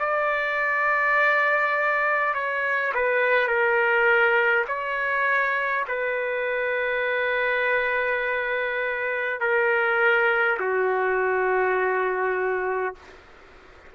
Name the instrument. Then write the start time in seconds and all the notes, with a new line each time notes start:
trumpet
0.00 D5
2.35 C#5
2.95 B4
3.48 A#4
4.68 C#5
5.88 B4
9.41 A#4
10.60 F#4